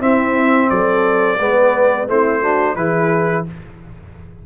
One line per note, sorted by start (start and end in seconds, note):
0.00 1.38 C4
0.00 0.70 C4
0.00 0.69 E4
0.00 0.69 E5
0.69 1.39 F#3
0.69 1.39 A4
0.69 2.07 D5
1.39 2.08 G#3
1.39 2.08 B3
1.39 2.08 B4
2.08 2.75 A3
2.08 2.42 C4
2.08 2.41 E4
2.08 2.75 C5
2.41 2.77 D4
2.41 2.75 F#4
2.75 3.44 E3
2.75 3.46 E4
2.75 3.46 G#4
2.75 3.44 B4